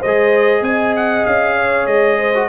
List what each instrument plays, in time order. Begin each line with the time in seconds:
0.00 tuba G#3, horn C5, trumpet D#5
0.07 trombone G#4
0.62 tuba C4, horn D#5, trumpet G#5
0.97 trumpet F#5
1.26 tuba C#4, trumpet F5
1.57 horn C#5
1.87 tuba G#3, trumpet D#5
2.19 horn C5
2.35 trombone F#4